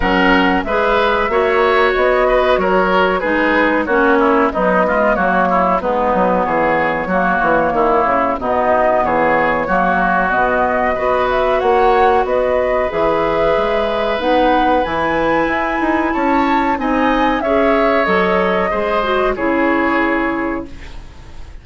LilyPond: <<
  \new Staff \with { instrumentName = "flute" } { \time 4/4 \tempo 4 = 93 fis''4 e''2 dis''4 | cis''4 b'4 cis''4 dis''4 | cis''4 b'4 cis''2~ | cis''4 dis''4 cis''2 |
dis''4. e''8 fis''4 dis''4 | e''2 fis''4 gis''4~ | gis''4 a''4 gis''4 e''4 | dis''2 cis''2 | }
  \new Staff \with { instrumentName = "oboe" } { \time 4/4 ais'4 b'4 cis''4. b'8 | ais'4 gis'4 fis'8 e'8 dis'8 f'8 | fis'8 e'8 dis'4 gis'4 fis'4 | e'4 dis'4 gis'4 fis'4~ |
fis'4 b'4 cis''4 b'4~ | b'1~ | b'4 cis''4 dis''4 cis''4~ | cis''4 c''4 gis'2 | }
  \new Staff \with { instrumentName = "clarinet" } { \time 4/4 cis'4 gis'4 fis'2~ | fis'4 dis'4 cis'4 fis8 gis8 | ais4 b2 ais4~ | ais4 b2 ais4 |
b4 fis'2. | gis'2 dis'4 e'4~ | e'2 dis'4 gis'4 | a'4 gis'8 fis'8 e'2 | }
  \new Staff \with { instrumentName = "bassoon" } { \time 4/4 fis4 gis4 ais4 b4 | fis4 gis4 ais4 b4 | fis4 gis8 fis8 e4 fis8 e8 | dis8 cis8 b,4 e4 fis4 |
b,4 b4 ais4 b4 | e4 gis4 b4 e4 | e'8 dis'8 cis'4 c'4 cis'4 | fis4 gis4 cis2 | }
>>